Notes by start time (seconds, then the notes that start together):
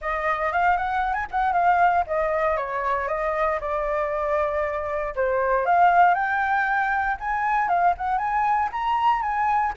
0.01 D#5
0.52 F5
0.77 F#5
1.13 G#5
1.31 F#5
1.52 F5
2.07 D#5
2.56 C#5
3.07 D#5
3.60 D5
5.15 C5
5.65 F5
6.14 G5
7.20 G#5
7.68 F5
7.97 F#5
8.17 G#5
8.72 A#5
9.22 G#5